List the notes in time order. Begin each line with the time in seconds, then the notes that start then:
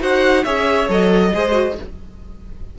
0.00 D#4 F#4 C5 F#5
0.44 C#4 G#4 C#5 E5
0.89 F#3 A4 D#5
1.34 G#3 G#4 C5
1.52 F#4